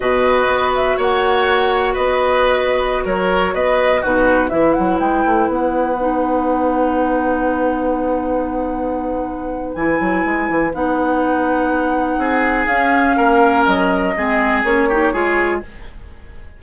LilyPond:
<<
  \new Staff \with { instrumentName = "flute" } { \time 4/4 \tempo 4 = 123 dis''4. e''8 fis''2 | dis''2~ dis''16 cis''4 dis''8.~ | dis''16 b'4 e''8 fis''8 g''4 fis''8.~ | fis''1~ |
fis''1 | gis''2 fis''2~ | fis''2 f''2 | dis''2 cis''2 | }
  \new Staff \with { instrumentName = "oboe" } { \time 4/4 b'2 cis''2 | b'2~ b'16 ais'4 b'8.~ | b'16 fis'4 b'2~ b'8.~ | b'1~ |
b'1~ | b'1~ | b'4 gis'2 ais'4~ | ais'4 gis'4. g'8 gis'4 | }
  \new Staff \with { instrumentName = "clarinet" } { \time 4/4 fis'1~ | fis'1~ | fis'16 dis'4 e'2~ e'8.~ | e'16 dis'2.~ dis'8.~ |
dis'1 | e'2 dis'2~ | dis'2 cis'2~ | cis'4 c'4 cis'8 dis'8 f'4 | }
  \new Staff \with { instrumentName = "bassoon" } { \time 4/4 b,4 b4 ais2 | b2~ b16 fis4 b8.~ | b16 b,4 e8 fis8 gis8 a8 b8.~ | b1~ |
b1 | e8 fis8 gis8 e8 b2~ | b4 c'4 cis'4 ais4 | fis4 gis4 ais4 gis4 | }
>>